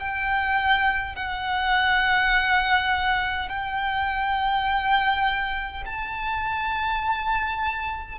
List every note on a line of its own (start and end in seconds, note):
0.00 1.16 G5
1.16 3.49 F#5
3.49 5.84 G5
5.86 8.19 A5